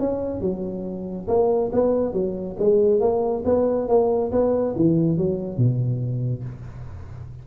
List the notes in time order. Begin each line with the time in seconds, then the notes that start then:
0.00 C#4
0.41 F#3
1.28 A#3
1.73 B3
2.13 F#3
2.59 G#3
3.01 A#3
3.45 B3
3.89 A#3
4.32 B3
4.76 E3
5.18 F#3
5.58 B2